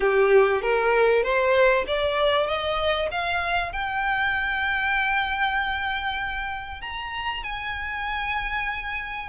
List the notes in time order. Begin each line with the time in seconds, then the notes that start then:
0.00 G4
0.62 A#4
1.23 C5
1.87 D5
2.46 D#5
3.11 F5
3.72 G5
6.81 A#5
7.43 G#5